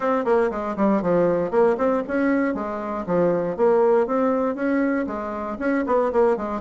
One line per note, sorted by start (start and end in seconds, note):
0.00 0.24 C4
0.24 0.50 A#3
0.50 0.76 G#3
0.76 1.02 G3
1.02 1.50 F3
1.50 1.76 A#3
1.77 2.02 C4
2.07 2.54 C#4
2.54 3.05 G#3
3.06 3.56 F3
3.56 4.07 A#3
4.07 4.55 C4
4.55 5.06 C#4
5.06 5.57 G#3
5.59 5.84 C#4
5.86 6.12 B3
6.12 6.37 A#3
6.37 6.61 G#3